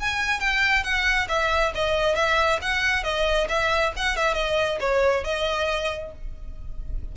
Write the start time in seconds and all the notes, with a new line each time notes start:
0.00 G#5
0.40 G5
0.84 F#5
1.29 E5
1.75 D#5
2.15 E5
2.62 F#5
3.04 D#5
3.49 E5
3.96 F#5
4.17 E5
4.34 D#5
4.80 C#5
5.24 D#5